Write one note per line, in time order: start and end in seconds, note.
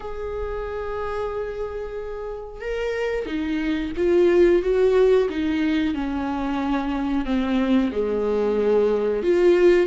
0.00 2.60 G#4
2.60 3.26 A#4
3.26 3.92 D#4
3.97 4.62 F4
4.62 5.28 F#4
5.29 5.94 D#4
5.94 7.25 C#4
7.25 7.91 C4
7.92 9.22 G#3
9.22 9.86 F4